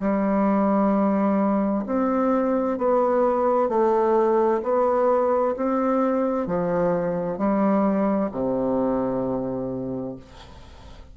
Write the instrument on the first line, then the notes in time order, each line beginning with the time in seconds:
bassoon
0.00 G3
1.86 C4
2.78 B3
3.69 A3
4.63 B3
5.56 C4
6.47 F3
7.38 G3
8.32 C3